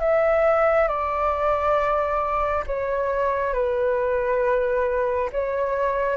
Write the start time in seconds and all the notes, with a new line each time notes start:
0.00 E5
0.88 D5
2.67 C#5
3.54 B4
5.33 C#5